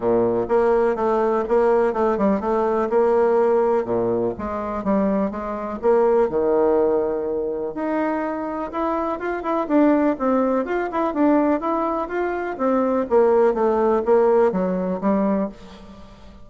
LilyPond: \new Staff \with { instrumentName = "bassoon" } { \time 4/4 \tempo 4 = 124 ais,4 ais4 a4 ais4 | a8 g8 a4 ais2 | ais,4 gis4 g4 gis4 | ais4 dis2. |
dis'2 e'4 f'8 e'8 | d'4 c'4 f'8 e'8 d'4 | e'4 f'4 c'4 ais4 | a4 ais4 fis4 g4 | }